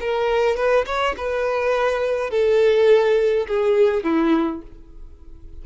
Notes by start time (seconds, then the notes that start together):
0.00 A#4
0.56 B4
0.86 C#5
1.17 B4
2.30 A4
3.47 G#4
4.03 E4